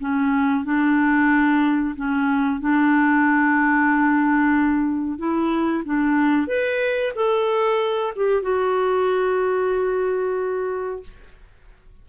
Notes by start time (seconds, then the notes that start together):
0.00 C#4
0.64 D4
1.96 C#4
2.60 D4
5.18 E4
5.85 D4
6.47 B4
7.15 A4
8.16 G4
8.42 F#4